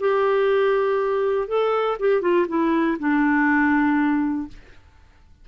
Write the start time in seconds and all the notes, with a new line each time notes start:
0.00 G4
1.48 A4
1.99 G4
2.21 F4
2.48 E4
2.99 D4